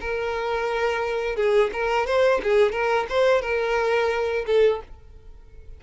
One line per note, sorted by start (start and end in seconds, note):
0.00 1.36 A#4
1.36 1.70 G#4
1.72 2.06 A#4
2.06 2.40 C5
2.43 2.71 G#4
2.71 3.06 A#4
3.09 3.41 C5
3.41 4.45 A#4
4.46 4.81 A4